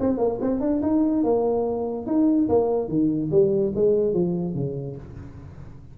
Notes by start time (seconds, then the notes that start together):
0.00 C4
0.18 A#3
0.41 C4
0.60 D4
0.82 D#4
1.24 A#3
2.07 D#4
2.49 A#3
2.89 D#3
3.31 G3
3.75 G#3
4.14 F3
4.55 C#3